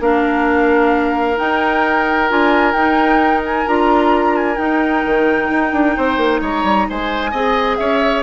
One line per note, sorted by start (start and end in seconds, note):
0.00 1.37 A#3
0.00 1.36 D4
0.00 5.96 A#4
0.00 1.38 F5
1.36 2.27 D#4
1.36 2.31 D#4
1.36 2.30 G5
2.28 2.73 D4
2.28 2.74 F4
2.28 2.72 G#5
2.72 3.65 D#4
2.72 3.66 D#4
2.72 3.41 G5
3.45 3.67 G#5
3.66 4.58 D4
3.66 4.56 F4
3.66 4.36 A#5
4.36 4.57 G#5
4.56 7.31 D#4
4.56 5.03 D#4
4.56 6.40 G5
5.05 5.50 D#3
5.50 5.72 D#4
5.72 5.95 D4
5.96 6.17 C4
5.96 6.41 C5
6.17 6.40 A#3
6.41 6.63 G#3
6.41 6.87 C#5
6.41 6.89 A#5
6.63 6.86 G3
6.89 7.32 G#3
6.89 7.31 C5
6.89 7.76 G#5
7.31 7.78 C4
7.31 8.23 G#4
7.31 7.76 D#5
7.76 8.23 C#4
7.76 8.23 C#5
7.76 8.22 E5